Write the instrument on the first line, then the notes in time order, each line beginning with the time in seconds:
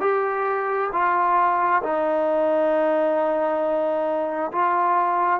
trombone
0.00 G4
0.92 F4
1.83 D#4
4.52 F4